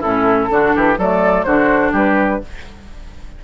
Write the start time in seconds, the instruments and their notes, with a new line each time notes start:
0.00 bassoon A2, clarinet C#4, oboe E4, flute A4
0.49 bassoon D3, clarinet D4, oboe F#4
0.75 bassoon E3, oboe G4
0.97 bassoon F#3, clarinet A3, oboe A4, flute D5
1.43 bassoon D3, clarinet D4, oboe F#4, flute C5
1.92 bassoon G3, oboe G4, flute B4